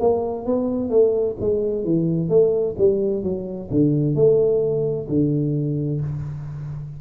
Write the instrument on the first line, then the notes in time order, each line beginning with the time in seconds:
tuba
0.00 A#3
0.46 B3
0.90 A3
1.41 G#3
1.85 E3
2.30 A3
2.78 G3
3.23 F#3
3.71 D3
4.15 A3
5.09 D3